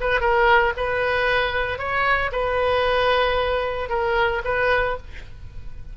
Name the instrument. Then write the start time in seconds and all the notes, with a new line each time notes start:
oboe
0.00 B4
0.20 A#4
0.77 B4
1.78 C#5
2.32 B4
3.89 A#4
4.44 B4